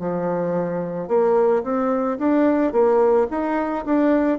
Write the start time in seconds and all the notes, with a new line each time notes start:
0.00 F3
1.09 A#3
1.64 C4
2.19 D4
2.73 A#3
3.31 D#4
3.86 D4